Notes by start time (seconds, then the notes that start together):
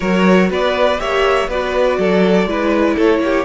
0.00 F#3 F#4 A#4 C#5
0.50 B3 B4 D5
0.98 A#3 G4 C#5 E5
1.48 B3 F#4 B4 D5
1.98 F#3 A4
2.45 G#3 E4 B4
2.95 A3 A4 C#5
3.19 A#3 G4